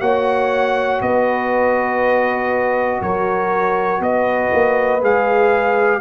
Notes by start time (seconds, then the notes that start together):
0.00 A#3 F#4 C#5 F#5
1.01 B3 B4 D#5
3.01 F#3 A#4 C#5
4.00 B3 B4 D#5
4.53 A#3
5.01 G#3 G#4 F5